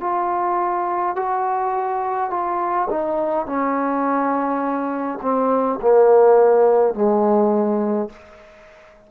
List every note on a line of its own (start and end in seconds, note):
0.00 1.15 F4
1.15 2.30 F#4
2.30 2.87 F4
2.90 3.46 D#4
3.46 5.19 C#4
5.21 5.79 C4
5.81 6.94 A#3
6.94 8.09 G#3